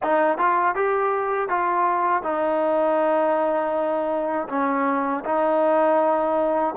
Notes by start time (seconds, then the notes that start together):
0.02 D#4
0.38 F4
0.75 G4
1.48 F4
2.23 D#4
4.48 C#4
5.25 D#4